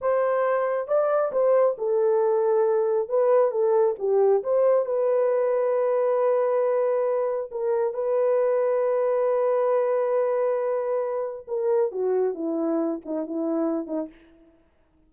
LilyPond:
\new Staff \with { instrumentName = "horn" } { \time 4/4 \tempo 4 = 136 c''2 d''4 c''4 | a'2. b'4 | a'4 g'4 c''4 b'4~ | b'1~ |
b'4 ais'4 b'2~ | b'1~ | b'2 ais'4 fis'4 | e'4. dis'8 e'4. dis'8 | }